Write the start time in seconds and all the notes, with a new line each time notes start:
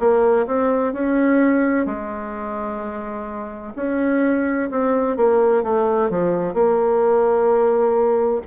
0.00 A#3
0.47 C4
0.93 C#4
1.86 G#3
3.76 C#4
4.71 C4
5.17 A#3
5.64 A3
6.10 F3
6.54 A#3